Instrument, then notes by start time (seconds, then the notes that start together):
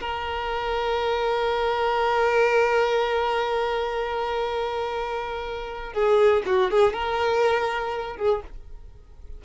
violin
0.00 A#4
5.93 G#4
6.46 F#4
6.71 G#4
6.93 A#4
8.17 G#4